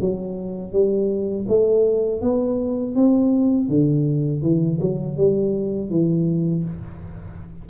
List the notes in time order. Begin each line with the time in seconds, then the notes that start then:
0.00 F#3
0.72 G3
1.47 A3
2.21 B3
2.95 C4
3.68 D3
4.41 E3
4.80 F#3
5.17 G3
5.90 E3